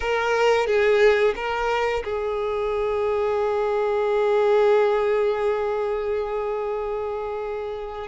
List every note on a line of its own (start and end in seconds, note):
0.00 0.66 A#4
0.66 1.34 G#4
1.35 2.03 A#4
2.03 8.07 G#4